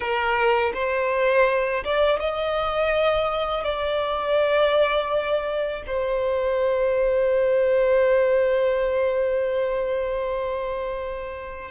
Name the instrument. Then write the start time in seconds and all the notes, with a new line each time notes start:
violin
0.00 A#4
0.74 C5
1.84 D5
2.20 D#5
3.64 D5
5.86 C5